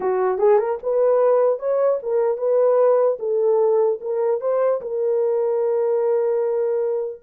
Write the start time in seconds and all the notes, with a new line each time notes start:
0.00 F#4
0.38 G#4
0.58 A#4
0.82 B4
1.59 C#5
2.02 A#4
2.37 B4
3.19 A4
4.01 A#4
4.41 C5
4.81 A#4